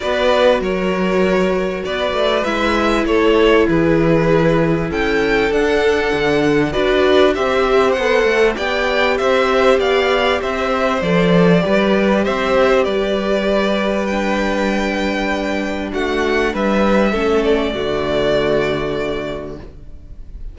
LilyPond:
<<
  \new Staff \with { instrumentName = "violin" } { \time 4/4 \tempo 4 = 98 d''4 cis''2 d''4 | e''4 cis''4 b'2 | g''4 fis''2 d''4 | e''4 fis''4 g''4 e''4 |
f''4 e''4 d''2 | e''4 d''2 g''4~ | g''2 fis''4 e''4~ | e''8 d''2.~ d''8 | }
  \new Staff \with { instrumentName = "violin" } { \time 4/4 b'4 ais'2 b'4~ | b'4 a'4 gis'2 | a'2. b'4 | c''2 d''4 c''4 |
d''4 c''2 b'4 | c''4 b'2.~ | b'2 fis'4 b'4 | a'4 fis'2. | }
  \new Staff \with { instrumentName = "viola" } { \time 4/4 fis'1 | e'1~ | e'4 d'2 fis'4 | g'4 a'4 g'2~ |
g'2 a'4 g'4~ | g'2. d'4~ | d'1 | cis'4 a2. | }
  \new Staff \with { instrumentName = "cello" } { \time 4/4 b4 fis2 b8 a8 | gis4 a4 e2 | cis'4 d'4 d4 d'4 | c'4 b8 a8 b4 c'4 |
b4 c'4 f4 g4 | c'4 g2.~ | g2 a4 g4 | a4 d2. | }
>>